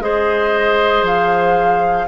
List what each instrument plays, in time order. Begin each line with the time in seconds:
0.00 bassoon G#3, clarinet G#4, oboe C5, flute D#5
1.03 bassoon F3, flute F5